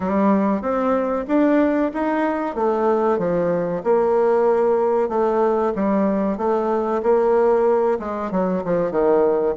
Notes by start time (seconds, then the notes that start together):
0.00 G3
0.61 C4
1.27 D4
1.93 D#4
2.55 A3
3.18 F3
3.83 A#3
5.09 A3
5.74 G3
6.37 A3
7.02 A#3
7.99 G#3
8.31 F#3
8.64 F3
8.91 D#3